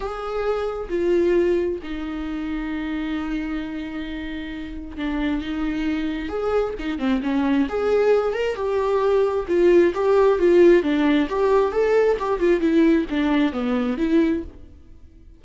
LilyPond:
\new Staff \with { instrumentName = "viola" } { \time 4/4 \tempo 4 = 133 gis'2 f'2 | dis'1~ | dis'2. d'4 | dis'2 gis'4 dis'8 c'8 |
cis'4 gis'4. ais'8 g'4~ | g'4 f'4 g'4 f'4 | d'4 g'4 a'4 g'8 f'8 | e'4 d'4 b4 e'4 | }